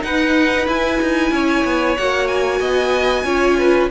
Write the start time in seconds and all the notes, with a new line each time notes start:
0.00 D#4 B4 F#5
0.67 E4 G#5
1.01 D#4
1.31 C#4 C#5
1.64 B3
1.97 A#3 F#4 F#5
2.27 G#5
2.60 B3 D#5
3.24 C#4 F4 C#5
3.58 B4